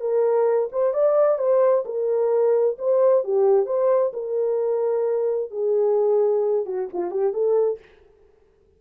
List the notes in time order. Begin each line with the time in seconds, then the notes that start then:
0.00 A#4
0.72 C5
0.93 D5
1.38 C5
1.85 A#4
2.78 C5
3.24 G4
3.66 C5
4.13 A#4
5.51 G#4
6.65 F#4
6.93 F4
7.11 G4
7.33 A4